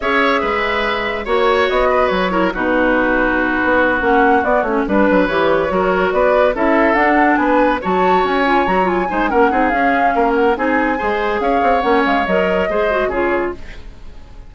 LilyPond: <<
  \new Staff \with { instrumentName = "flute" } { \time 4/4 \tempo 4 = 142 e''2. cis''4 | dis''4 cis''4 b'2~ | b'4. fis''4 d''8 cis''8 b'8~ | b'8 cis''2 d''4 e''8~ |
e''8 fis''4 gis''4 a''4 gis''8~ | gis''8 ais''8 gis''4 fis''4 f''4~ | f''8 fis''8 gis''2 f''4 | fis''8 f''8 dis''2 cis''4 | }
  \new Staff \with { instrumentName = "oboe" } { \time 4/4 cis''4 b'2 cis''4~ | cis''8 b'4 ais'8 fis'2~ | fis'2.~ fis'8 b'8~ | b'4. ais'4 b'4 a'8~ |
a'4. b'4 cis''4.~ | cis''4. c''8 ais'8 gis'4. | ais'4 gis'4 c''4 cis''4~ | cis''2 c''4 gis'4 | }
  \new Staff \with { instrumentName = "clarinet" } { \time 4/4 gis'2. fis'4~ | fis'4. e'8 dis'2~ | dis'4. cis'4 b8 cis'8 d'8~ | d'8 g'4 fis'2 e'8~ |
e'8 d'2 fis'4. | f'8 fis'8 f'8 dis'8 cis'8 dis'8 cis'4~ | cis'4 dis'4 gis'2 | cis'4 ais'4 gis'8 fis'8 f'4 | }
  \new Staff \with { instrumentName = "bassoon" } { \time 4/4 cis'4 gis2 ais4 | b4 fis4 b,2~ | b,8 b4 ais4 b8 a8 g8 | fis8 e4 fis4 b4 cis'8~ |
cis'8 d'4 b4 fis4 cis'8~ | cis'8 fis4 gis8 ais8 c'8 cis'4 | ais4 c'4 gis4 cis'8 c'8 | ais8 gis8 fis4 gis4 cis4 | }
>>